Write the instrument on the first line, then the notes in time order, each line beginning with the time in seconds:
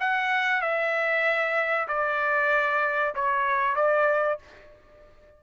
trumpet
0.00 F#5
0.61 E5
1.88 D5
3.15 C#5
3.76 D5